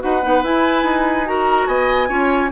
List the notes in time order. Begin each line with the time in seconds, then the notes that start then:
0.00 D#4 F#4 B4 F#5
0.22 B3 D#4
0.44 E4 G#5
0.83 D#4
1.25 F#4 A#4 A#5
1.67 B3 D#5 G#5
2.08 C#4 F4 C#5